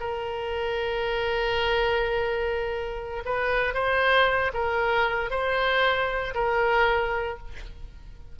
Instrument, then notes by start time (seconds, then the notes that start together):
oboe
0.00 A#4
3.25 B4
3.74 C5
4.54 A#4
5.31 C5
6.35 A#4